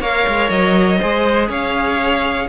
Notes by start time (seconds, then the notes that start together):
0.00 A#3 A#4 C#5 F5
0.28 G#3
0.49 F#3 D#5
0.99 G#3 G#4 C5
1.49 C#4 C#5 F5